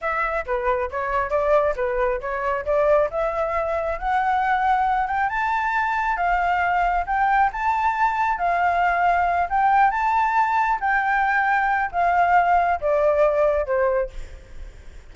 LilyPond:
\new Staff \with { instrumentName = "flute" } { \time 4/4 \tempo 4 = 136 e''4 b'4 cis''4 d''4 | b'4 cis''4 d''4 e''4~ | e''4 fis''2~ fis''8 g''8 | a''2 f''2 |
g''4 a''2 f''4~ | f''4. g''4 a''4.~ | a''8 g''2~ g''8 f''4~ | f''4 d''2 c''4 | }